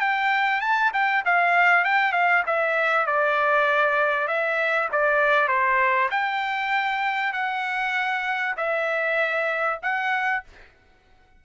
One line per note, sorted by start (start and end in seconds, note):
0.00 0.61 G5
0.61 0.91 A5
0.93 1.24 G5
1.25 1.84 F5
1.84 2.12 G5
2.12 2.43 F5
2.46 3.06 E5
3.06 4.27 D5
4.27 4.88 E5
4.92 5.48 D5
5.48 6.09 C5
6.11 7.33 G5
7.33 8.55 F#5
8.57 9.79 E5
9.82 10.43 F#5